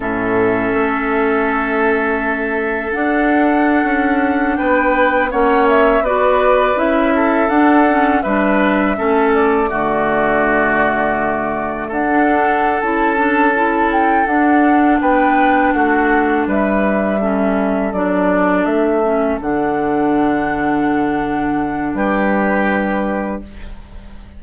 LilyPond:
<<
  \new Staff \with { instrumentName = "flute" } { \time 4/4 \tempo 4 = 82 e''1 | fis''2~ fis''16 g''4 fis''8 e''16~ | e''16 d''4 e''4 fis''4 e''8.~ | e''8. d''2.~ d''16~ |
d''16 fis''4~ fis''16 a''4. g''8 fis''8~ | fis''8 g''4 fis''4 e''4.~ | e''8 d''4 e''4 fis''4.~ | fis''2 b'2 | }
  \new Staff \with { instrumentName = "oboe" } { \time 4/4 a'1~ | a'2~ a'16 b'4 cis''8.~ | cis''16 b'4. a'4. b'8.~ | b'16 a'4 fis'2~ fis'8.~ |
fis'16 a'2.~ a'8.~ | a'8 b'4 fis'4 b'4 a'8~ | a'1~ | a'2 g'2 | }
  \new Staff \with { instrumentName = "clarinet" } { \time 4/4 cis'1 | d'2.~ d'16 cis'8.~ | cis'16 fis'4 e'4 d'8 cis'8 d'8.~ | d'16 cis'4 a2~ a8.~ |
a8 d'4 e'8 d'8 e'4 d'8~ | d'2.~ d'8 cis'8~ | cis'8 d'4. cis'8 d'4.~ | d'1 | }
  \new Staff \with { instrumentName = "bassoon" } { \time 4/4 a,4 a2. | d'4~ d'16 cis'4 b4 ais8.~ | ais16 b4 cis'4 d'4 g8.~ | g16 a4 d2~ d8.~ |
d16 d'4~ d'16 cis'2 d'8~ | d'8 b4 a4 g4.~ | g8 fis4 a4 d4.~ | d2 g2 | }
>>